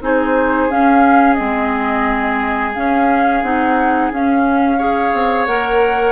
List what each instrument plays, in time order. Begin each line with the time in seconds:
0.00 bassoon C4, clarinet D#4, oboe G#4, flute C5
0.69 clarinet C#4, bassoon C#4, flute F5
1.34 bassoon G#3, clarinet C4, flute D#5
2.74 bassoon C#4, clarinet C#4, flute F5
3.42 bassoon C4, clarinet D#4, flute F#5
4.11 bassoon C#4, clarinet C#4, flute F5
4.77 clarinet G#4, oboe C#5
5.13 bassoon C4
5.46 bassoon A#3, clarinet A#4, flute F#5